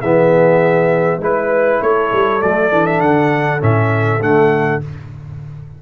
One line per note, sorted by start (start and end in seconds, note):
0.00 1.18 E3
0.00 1.21 B3
0.00 1.20 G#4
0.00 1.21 E5
1.18 1.78 G#3
1.18 2.41 E4
1.18 1.82 B4
1.82 2.12 A3
1.82 4.82 A4
1.82 2.42 C#5
2.12 2.42 G3
2.41 2.72 F#3
2.41 2.71 A3
2.41 2.87 D5
2.71 3.01 E3
2.71 3.60 D4
2.87 3.01 E5
3.01 3.61 D3
3.01 3.61 F#5
3.60 4.21 A2
3.60 4.20 C#4
3.60 4.23 E5
4.21 4.81 D3
4.21 4.82 A3
4.21 4.83 F#5